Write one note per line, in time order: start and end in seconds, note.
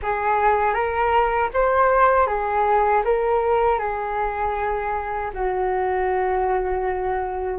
0.02 0.74 G#4
0.74 1.49 A#4
1.53 2.26 C5
2.26 3.02 G#4
3.04 3.78 A#4
3.78 5.30 G#4
5.33 7.59 F#4